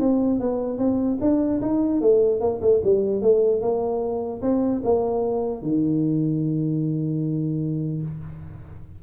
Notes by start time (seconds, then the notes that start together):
0.00 C4
0.40 B3
0.78 C4
1.21 D4
1.62 D#4
2.01 A3
2.40 A#3
2.62 A3
2.84 G3
3.22 A3
3.62 A#3
4.42 C4
4.84 A#3
5.62 D#3